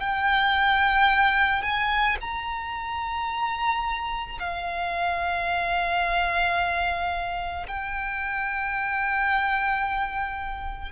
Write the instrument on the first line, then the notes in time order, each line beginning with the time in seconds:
violin
0.00 G5
1.63 G#5
2.21 A#5
4.40 F5
7.68 G5